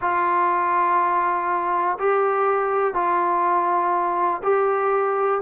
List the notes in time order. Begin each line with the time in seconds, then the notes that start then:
0.01 F4
1.99 G4
2.94 F4
4.43 G4